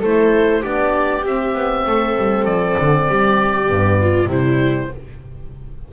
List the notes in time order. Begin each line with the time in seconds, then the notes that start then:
0.00 A3 E4 A4 C5
0.61 B3 D4 G4 D5
1.23 C4 E5
1.55 B3
1.86 A3 A4
2.17 G3
2.45 F3 D5
2.79 D3
3.09 G3 G4
3.67 G2 B3
4.02 F4
4.26 C3 G3 E4 C5